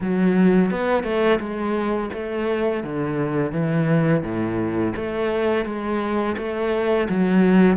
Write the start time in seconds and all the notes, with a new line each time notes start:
0.00 F#3
0.71 B3
1.03 A3
1.39 G#3
2.13 A3
2.83 D3
3.52 E3
4.23 A2
4.96 A3
5.65 G#3
6.37 A3
7.09 F#3